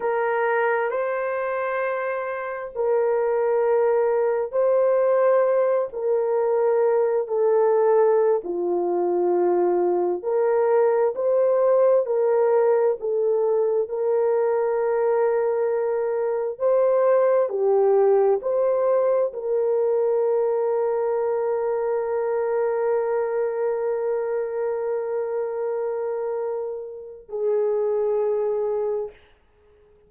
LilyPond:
\new Staff \with { instrumentName = "horn" } { \time 4/4 \tempo 4 = 66 ais'4 c''2 ais'4~ | ais'4 c''4. ais'4. | a'4~ a'16 f'2 ais'8.~ | ais'16 c''4 ais'4 a'4 ais'8.~ |
ais'2~ ais'16 c''4 g'8.~ | g'16 c''4 ais'2~ ais'8.~ | ais'1~ | ais'2 gis'2 | }